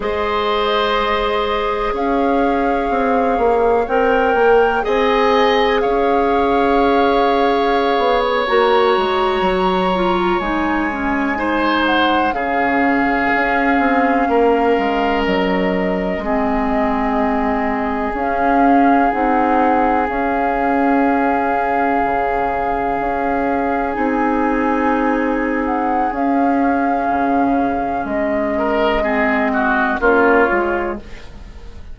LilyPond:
<<
  \new Staff \with { instrumentName = "flute" } { \time 4/4 \tempo 4 = 62 dis''2 f''2 | g''4 gis''4 f''2~ | f''8 cis''16 ais''2 gis''4~ gis''16~ | gis''16 fis''8 f''2. dis''16~ |
dis''2~ dis''8. f''4 fis''16~ | fis''8. f''2.~ f''16~ | f''8. gis''4.~ gis''16 fis''8 f''4~ | f''4 dis''2 cis''4 | }
  \new Staff \with { instrumentName = "oboe" } { \time 4/4 c''2 cis''2~ | cis''4 dis''4 cis''2~ | cis''2.~ cis''8. c''16~ | c''8. gis'2 ais'4~ ais'16~ |
ais'8. gis'2.~ gis'16~ | gis'1~ | gis'1~ | gis'4. ais'8 gis'8 fis'8 f'4 | }
  \new Staff \with { instrumentName = "clarinet" } { \time 4/4 gis'1 | ais'4 gis'2.~ | gis'8. fis'4. f'8 dis'8 cis'8 dis'16~ | dis'8. cis'2.~ cis'16~ |
cis'8. c'2 cis'4 dis'16~ | dis'8. cis'2.~ cis'16~ | cis'8. dis'2~ dis'16 cis'4~ | cis'2 c'4 cis'8 f'8 | }
  \new Staff \with { instrumentName = "bassoon" } { \time 4/4 gis2 cis'4 c'8 ais8 | c'8 ais8 c'4 cis'2~ | cis'16 b8 ais8 gis8 fis4 gis4~ gis16~ | gis8. cis4 cis'8 c'8 ais8 gis8 fis16~ |
fis8. gis2 cis'4 c'16~ | c'8. cis'2 cis4 cis'16~ | cis'8. c'2~ c'16 cis'4 | cis4 gis2 ais8 gis8 | }
>>